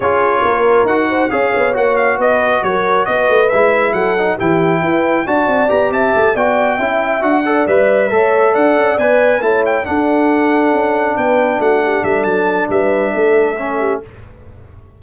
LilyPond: <<
  \new Staff \with { instrumentName = "trumpet" } { \time 4/4 \tempo 4 = 137 cis''2 fis''4 f''4 | fis''8 f''8 dis''4 cis''4 dis''4 | e''4 fis''4 g''2 | a''4 ais''8 a''4 g''4.~ |
g''8 fis''4 e''2 fis''8~ | fis''8 gis''4 a''8 g''8 fis''4.~ | fis''4. g''4 fis''4 e''8 | a''4 e''2. | }
  \new Staff \with { instrumentName = "horn" } { \time 4/4 gis'4 ais'4. c''8 cis''4~ | cis''4 b'4 ais'4 b'4~ | b'4 a'4 g'4 b'4 | d''4. e''4 d''4 e''8~ |
e''4 d''4. cis''4 d''8~ | d''4. cis''4 a'4.~ | a'4. b'4 fis'8 g'8 a'8~ | a'4 b'4 a'4. g'8 | }
  \new Staff \with { instrumentName = "trombone" } { \time 4/4 f'2 fis'4 gis'4 | fis'1 | e'4. dis'8 e'2 | fis'4 g'4. fis'4 e'8~ |
e'8 fis'8 a'8 b'4 a'4.~ | a'8 b'4 e'4 d'4.~ | d'1~ | d'2. cis'4 | }
  \new Staff \with { instrumentName = "tuba" } { \time 4/4 cis'4 ais4 dis'4 cis'8 b8 | ais4 b4 fis4 b8 a8 | gis4 fis4 e4 e'4 | d'8 c'8 b8 c'8 a8 b4 cis'8~ |
cis'8 d'4 g4 a4 d'8 | cis'8 b4 a4 d'4.~ | d'8 cis'4 b4 a4 g8 | fis4 g4 a2 | }
>>